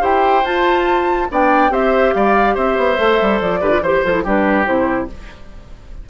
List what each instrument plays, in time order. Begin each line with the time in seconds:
0.00 bassoon E4, clarinet G4, oboe C5, flute G5
0.43 bassoon F4, clarinet F4, flute A5
1.29 bassoon B3, clarinet D4, oboe D5, flute G5
1.69 bassoon C4, clarinet G4, oboe C5, flute E5
2.13 bassoon G3, oboe D5, flute F5
2.54 bassoon C4, oboe C5, flute E5
2.77 bassoon B3
2.96 bassoon A3, clarinet A4
3.21 bassoon G3
3.41 bassoon F3, flute D5
3.60 bassoon D3, clarinet G4, oboe B4
3.69 clarinet F4
3.81 bassoon E3, clarinet G4, oboe C5, flute C5
4.04 bassoon F3, clarinet F4, flute A4
4.12 clarinet E4
4.24 bassoon G3, clarinet D4, oboe G4, flute B4
4.64 bassoon C3, clarinet E4, flute C5